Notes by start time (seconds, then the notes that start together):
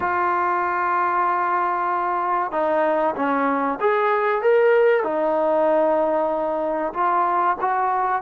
0.00 F4
2.51 D#4
3.15 C#4
3.80 G#4
4.42 A#4
5.03 D#4
6.93 F4
7.60 F#4